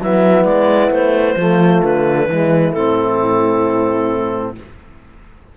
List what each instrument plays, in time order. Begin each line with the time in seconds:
0.00 cello F#3, trombone B3, horn E4, clarinet E5
0.44 cello G#3, clarinet D5
0.90 cello A3, clarinet C5
1.36 cello F3, trombone A3, horn F4
1.83 cello D3, clarinet B4
2.27 cello E3, trombone G#3, horn E4
2.73 cello A2, trombone C4, clarinet A4